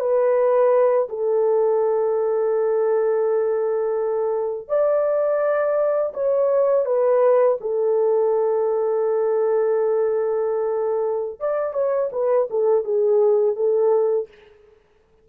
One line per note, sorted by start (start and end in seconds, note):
0.00 1.08 B4
1.09 4.68 A4
4.68 6.13 D5
6.14 6.85 C#5
6.85 7.58 B4
7.60 11.40 A4
11.40 11.74 D5
11.74 12.10 C#5
12.12 12.48 B4
12.50 12.84 A4
12.84 13.56 G#4
13.56 14.28 A4